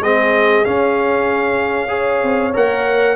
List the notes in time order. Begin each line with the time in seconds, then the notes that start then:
0.00 G#3 C4 G#4 D#5
0.64 C#4 F5
1.88 G#4 C#5
2.23 C4
2.54 A#3 A#4 F#5